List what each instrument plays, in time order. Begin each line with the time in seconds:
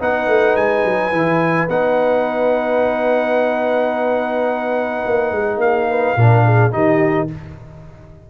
0.00 tuba B3, trombone D#4, horn B4, trumpet F#5
0.28 tuba A3
0.56 tuba G#3, trumpet G#5
0.85 tuba F#3
1.12 tuba E3, trombone E4
1.69 tuba B3, trombone D#4, trumpet F#5
5.07 tuba A#3
5.32 tuba G#3
5.57 tuba A#3, horn G#4, trumpet F5
5.90 horn B4
6.17 tuba A#2, trombone D4, horn A#4
6.46 horn G#4
6.71 tuba D#3, trombone D#4, horn G4, trumpet D#5